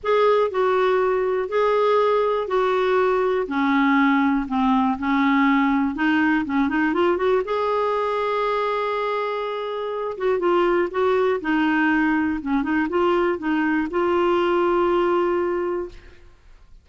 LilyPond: \new Staff \with { instrumentName = "clarinet" } { \time 4/4 \tempo 4 = 121 gis'4 fis'2 gis'4~ | gis'4 fis'2 cis'4~ | cis'4 c'4 cis'2 | dis'4 cis'8 dis'8 f'8 fis'8 gis'4~ |
gis'1~ | gis'8 fis'8 f'4 fis'4 dis'4~ | dis'4 cis'8 dis'8 f'4 dis'4 | f'1 | }